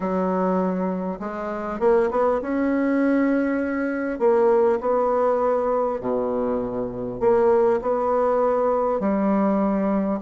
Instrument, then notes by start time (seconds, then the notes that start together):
bassoon
0.00 F#3
1.19 G#3
1.79 A#3
2.11 B3
2.41 C#4
4.19 A#3
4.80 B3
6.00 B2
7.20 A#3
7.81 B3
9.00 G3